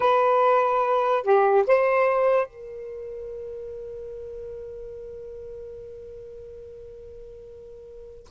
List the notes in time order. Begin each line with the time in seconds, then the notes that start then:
0.00 B4
1.23 G4
1.66 C5
2.47 A#4